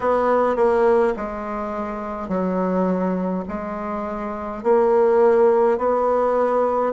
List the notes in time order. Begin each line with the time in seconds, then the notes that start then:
0.00 B3
0.56 A#3
1.16 G#3
2.28 F#3
3.48 G#3
4.63 A#3
5.77 B3